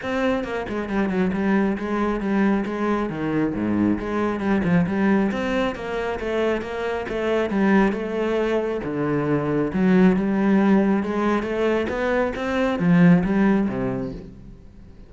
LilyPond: \new Staff \with { instrumentName = "cello" } { \time 4/4 \tempo 4 = 136 c'4 ais8 gis8 g8 fis8 g4 | gis4 g4 gis4 dis4 | gis,4 gis4 g8 f8 g4 | c'4 ais4 a4 ais4 |
a4 g4 a2 | d2 fis4 g4~ | g4 gis4 a4 b4 | c'4 f4 g4 c4 | }